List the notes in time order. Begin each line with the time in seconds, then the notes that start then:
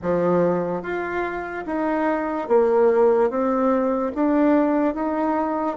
0.02 F3
0.82 F4
1.66 D#4
2.48 A#3
3.30 C4
4.15 D4
4.94 D#4